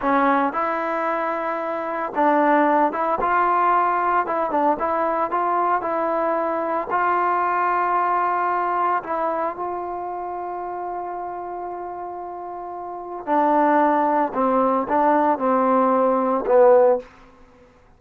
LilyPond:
\new Staff \with { instrumentName = "trombone" } { \time 4/4 \tempo 4 = 113 cis'4 e'2. | d'4. e'8 f'2 | e'8 d'8 e'4 f'4 e'4~ | e'4 f'2.~ |
f'4 e'4 f'2~ | f'1~ | f'4 d'2 c'4 | d'4 c'2 b4 | }